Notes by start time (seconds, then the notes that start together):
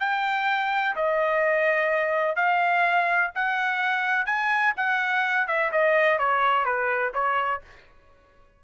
0.00 G5
0.96 D#5
2.36 F5
3.35 F#5
4.26 G#5
4.77 F#5
5.48 E5
5.72 D#5
6.19 C#5
6.65 B4
7.14 C#5